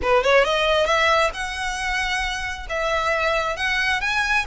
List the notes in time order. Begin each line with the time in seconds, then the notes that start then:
0.01 B4
0.23 C#5
0.44 D#5
0.85 E5
1.33 F#5
2.69 E5
3.56 F#5
4.00 G#5